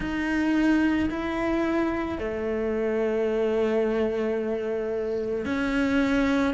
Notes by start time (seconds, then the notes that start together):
0.00 D#4
1.10 E4
2.18 A3
5.45 C#4